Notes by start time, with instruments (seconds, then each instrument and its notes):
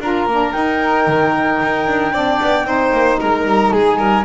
0.00 double bass D4, saxophone F4, violin A#4, flute A#5
0.26 double bass A#3, saxophone D4
0.52 saxophone D#4, double bass D#4, flute G5
1.07 double bass D#3
1.62 double bass D#4
1.87 double bass D4
2.13 double bass C4, saxophone D4, violin D5
2.41 double bass B3
2.64 double bass C4, saxophone D#4, violin C5
2.92 double bass A#3
3.20 double bass G#3, violin A#4, flute A#5
3.44 double bass G3
3.71 double bass G#3, violin G#4, flute G#5
3.98 double bass G3, violin A#4